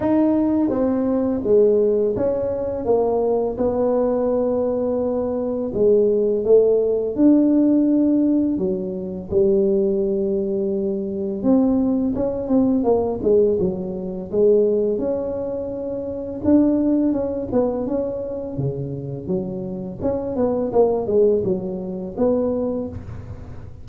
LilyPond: \new Staff \with { instrumentName = "tuba" } { \time 4/4 \tempo 4 = 84 dis'4 c'4 gis4 cis'4 | ais4 b2. | gis4 a4 d'2 | fis4 g2. |
c'4 cis'8 c'8 ais8 gis8 fis4 | gis4 cis'2 d'4 | cis'8 b8 cis'4 cis4 fis4 | cis'8 b8 ais8 gis8 fis4 b4 | }